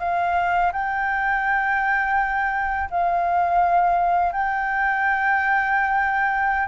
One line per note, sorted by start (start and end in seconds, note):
0.00 0.72 F5
0.73 2.89 G5
2.91 4.33 F5
4.33 6.68 G5